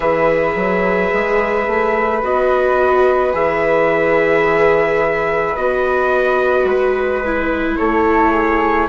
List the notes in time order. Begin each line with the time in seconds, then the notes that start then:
0.00 E3 G#4 B4 E5
0.55 F#3
1.13 G#3
1.67 A3
2.22 B3 F#4 D#5
3.33 E3 G#4 E5
5.56 B3 F#4 D#5
6.64 G#3 B4
7.25 E4
7.76 A3 A4 C#5
8.31 G#4